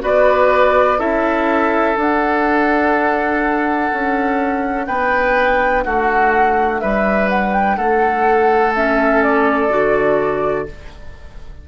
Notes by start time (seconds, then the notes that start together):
0.00 B3 F#4 B4 D5
0.97 C#4 E4 A4 E5
1.94 D4
2.00 F#5
3.93 C#4
4.86 B3 B4 G5
5.83 A3 F#4 F#5
6.80 G3 B4 E5
7.29 F#5
7.53 G5
7.76 A3 A4 F#5
8.74 C#4 E5
9.23 D5
9.69 D3 F#4